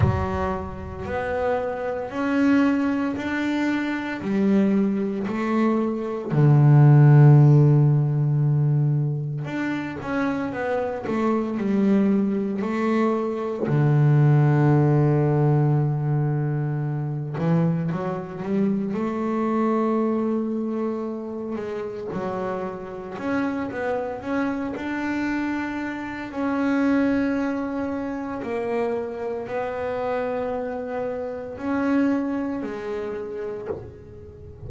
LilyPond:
\new Staff \with { instrumentName = "double bass" } { \time 4/4 \tempo 4 = 57 fis4 b4 cis'4 d'4 | g4 a4 d2~ | d4 d'8 cis'8 b8 a8 g4 | a4 d2.~ |
d8 e8 fis8 g8 a2~ | a8 gis8 fis4 cis'8 b8 cis'8 d'8~ | d'4 cis'2 ais4 | b2 cis'4 gis4 | }